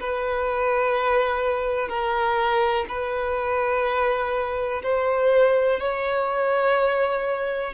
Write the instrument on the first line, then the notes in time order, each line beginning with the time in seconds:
violin
0.00 B4
1.89 A#4
2.89 B4
4.83 C5
5.80 C#5